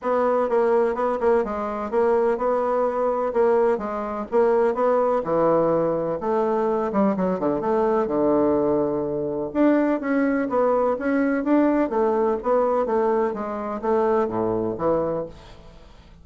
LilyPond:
\new Staff \with { instrumentName = "bassoon" } { \time 4/4 \tempo 4 = 126 b4 ais4 b8 ais8 gis4 | ais4 b2 ais4 | gis4 ais4 b4 e4~ | e4 a4. g8 fis8 d8 |
a4 d2. | d'4 cis'4 b4 cis'4 | d'4 a4 b4 a4 | gis4 a4 a,4 e4 | }